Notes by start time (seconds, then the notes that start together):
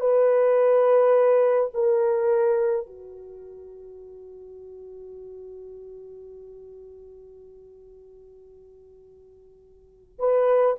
0.00 B4
1.74 A#4
2.86 F#4
10.19 B4